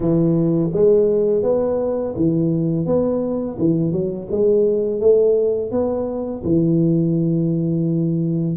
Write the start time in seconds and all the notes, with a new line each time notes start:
0.00 E3
0.73 G#3
1.43 B3
2.16 E3
2.86 B3
3.58 E3
3.92 F#3
4.30 G#3
5.00 A3
5.71 B3
6.44 E3